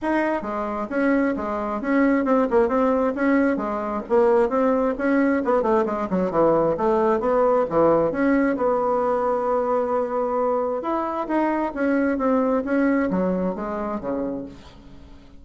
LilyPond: \new Staff \with { instrumentName = "bassoon" } { \time 4/4 \tempo 4 = 133 dis'4 gis4 cis'4 gis4 | cis'4 c'8 ais8 c'4 cis'4 | gis4 ais4 c'4 cis'4 | b8 a8 gis8 fis8 e4 a4 |
b4 e4 cis'4 b4~ | b1 | e'4 dis'4 cis'4 c'4 | cis'4 fis4 gis4 cis4 | }